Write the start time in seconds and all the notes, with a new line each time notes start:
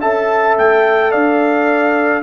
0.00 C#4 A4 E5 A5
0.58 A3 G5
1.11 D4 D5 F5